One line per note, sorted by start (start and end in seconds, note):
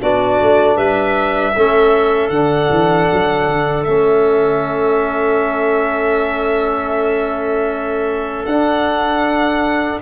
0.00 0.40 B3
0.00 1.55 D4
0.00 0.75 F#4
0.00 0.77 D5
0.42 0.77 A3
0.75 1.54 G3
0.75 1.52 B4
0.75 2.29 E5
1.55 2.30 A3
1.55 2.33 C#4
1.55 10.01 A4
2.29 2.68 D3
2.29 3.86 D4
2.29 3.83 F#5
2.70 3.09 E3
3.12 3.47 F#3
3.47 3.86 D3
3.84 8.46 A3
3.84 8.48 C#4
3.84 8.45 E5
8.45 10.00 D4
8.45 10.01 D4
8.45 9.99 F#5